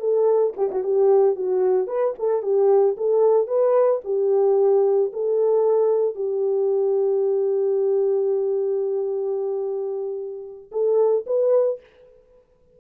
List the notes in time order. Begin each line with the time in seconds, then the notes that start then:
0.00 A4
0.57 G4
0.72 F#4
0.84 G4
1.36 F#4
1.87 B4
2.19 A4
2.42 G4
2.97 A4
3.47 B4
4.04 G4
5.13 A4
6.16 G4
10.72 A4
11.27 B4